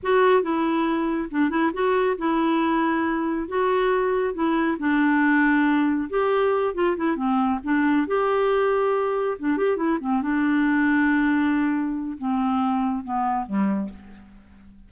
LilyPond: \new Staff \with { instrumentName = "clarinet" } { \time 4/4 \tempo 4 = 138 fis'4 e'2 d'8 e'8 | fis'4 e'2. | fis'2 e'4 d'4~ | d'2 g'4. f'8 |
e'8 c'4 d'4 g'4.~ | g'4. d'8 g'8 e'8 c'8 d'8~ | d'1 | c'2 b4 g4 | }